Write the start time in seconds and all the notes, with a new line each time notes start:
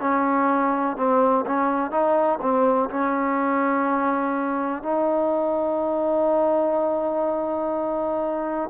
0.00 C#4
0.97 C4
1.46 C#4
1.91 D#4
2.41 C4
2.90 C#4
4.83 D#4